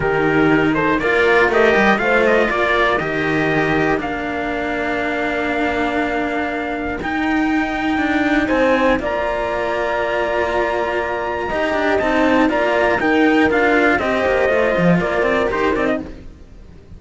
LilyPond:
<<
  \new Staff \with { instrumentName = "trumpet" } { \time 4/4 \tempo 4 = 120 ais'4. c''8 d''4 dis''4 | f''8 dis''8 d''4 dis''2 | f''1~ | f''2 g''2~ |
g''4 gis''4 ais''2~ | ais''1 | a''4 ais''4 g''4 f''4 | dis''2 d''4 c''8 d''16 dis''16 | }
  \new Staff \with { instrumentName = "horn" } { \time 4/4 g'4. a'8 ais'2 | c''4 ais'2.~ | ais'1~ | ais'1~ |
ais'4 c''4 d''2~ | d''2. dis''4~ | dis''4 d''4 ais'2 | c''2 ais'2 | }
  \new Staff \with { instrumentName = "cello" } { \time 4/4 dis'2 f'4 g'4 | f'2 g'2 | d'1~ | d'2 dis'2~ |
dis'2 f'2~ | f'2. g'4 | dis'4 f'4 dis'4 f'4 | g'4 f'2 g'8 dis'8 | }
  \new Staff \with { instrumentName = "cello" } { \time 4/4 dis2 ais4 a8 g8 | a4 ais4 dis2 | ais1~ | ais2 dis'2 |
d'4 c'4 ais2~ | ais2. dis'8 d'8 | c'4 ais4 dis'4 d'4 | c'8 ais8 a8 f8 ais8 c'8 dis'8 c'8 | }
>>